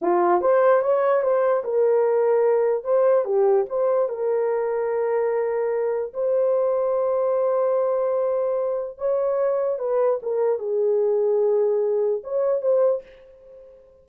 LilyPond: \new Staff \with { instrumentName = "horn" } { \time 4/4 \tempo 4 = 147 f'4 c''4 cis''4 c''4 | ais'2. c''4 | g'4 c''4 ais'2~ | ais'2. c''4~ |
c''1~ | c''2 cis''2 | b'4 ais'4 gis'2~ | gis'2 cis''4 c''4 | }